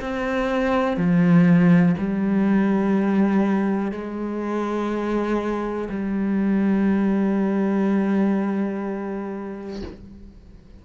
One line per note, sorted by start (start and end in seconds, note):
0.00 0.96 C4
0.96 1.94 F3
1.98 3.91 G3
3.91 5.88 G#3
5.89 9.82 G3